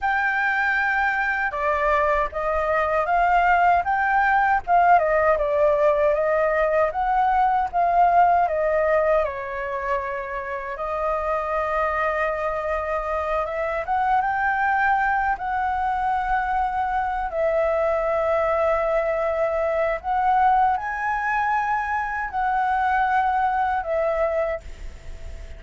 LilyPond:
\new Staff \with { instrumentName = "flute" } { \time 4/4 \tempo 4 = 78 g''2 d''4 dis''4 | f''4 g''4 f''8 dis''8 d''4 | dis''4 fis''4 f''4 dis''4 | cis''2 dis''2~ |
dis''4. e''8 fis''8 g''4. | fis''2~ fis''8 e''4.~ | e''2 fis''4 gis''4~ | gis''4 fis''2 e''4 | }